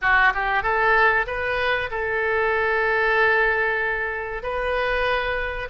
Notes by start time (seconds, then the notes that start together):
0.01 F#4
0.34 G4
0.63 A4
1.27 B4
1.90 A4
4.42 B4